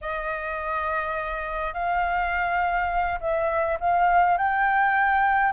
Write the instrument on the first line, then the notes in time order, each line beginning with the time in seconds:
flute
0.01 D#5
1.73 F5
3.20 E5
3.80 F5
4.37 G5